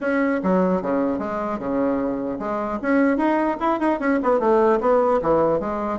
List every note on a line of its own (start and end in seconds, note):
0.01 0.41 C#4
0.43 0.82 F#3
0.82 1.18 C#3
1.18 1.58 G#3
1.59 2.39 C#3
2.39 2.79 G#3
2.81 3.17 C#4
3.17 3.57 D#4
3.59 3.79 E4
3.79 3.99 D#4
3.99 4.19 C#4
4.22 4.39 B3
4.39 4.79 A3
4.80 5.20 B3
5.22 5.60 E3
5.60 5.99 G#3